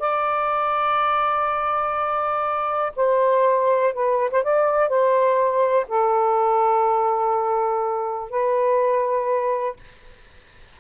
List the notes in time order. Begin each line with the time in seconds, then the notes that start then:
0.00 D5
2.96 C5
3.94 B4
4.31 C5
4.44 D5
4.89 C5
5.88 A4
8.31 B4